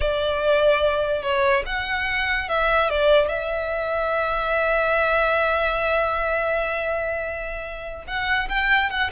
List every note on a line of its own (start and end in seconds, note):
0.00 1.22 D5
1.22 1.63 C#5
1.66 2.48 F#5
2.48 2.90 E5
2.90 3.28 D5
3.28 8.04 E5
8.07 8.48 F#5
8.48 8.89 G5
8.89 9.10 F#5